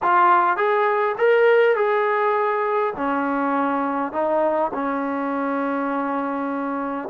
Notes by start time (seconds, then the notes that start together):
0.02 F4
0.56 G#4
1.18 A#4
1.76 G#4
2.96 C#4
4.12 D#4
4.73 C#4